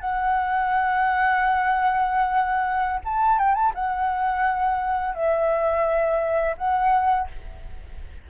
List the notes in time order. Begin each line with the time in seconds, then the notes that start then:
0.00 F#5
3.04 A5
3.38 G5
3.55 A5
3.75 F#5
5.14 E5
6.57 F#5